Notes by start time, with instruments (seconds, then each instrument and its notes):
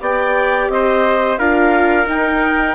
0.00 bassoon B3, viola G4, trumpet D5, clarinet G5
0.68 bassoon C4, trumpet C5, clarinet D#5
1.37 bassoon D4, viola F4, trumpet A#4, clarinet F5
2.05 viola D#4, bassoon D#4, clarinet G5